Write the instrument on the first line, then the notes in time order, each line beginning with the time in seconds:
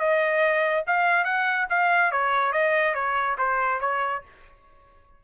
trumpet
0.00 D#5
0.87 F5
1.25 F#5
1.70 F5
2.12 C#5
2.53 D#5
2.95 C#5
3.38 C5
3.81 C#5